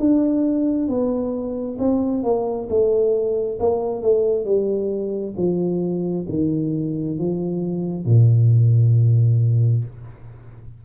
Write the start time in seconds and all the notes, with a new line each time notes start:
0.00 D4
0.88 B3
1.79 C4
2.23 A#3
2.69 A3
3.60 A#3
4.02 A3
4.45 G3
5.37 F3
6.29 D#3
7.18 F3
8.05 A#2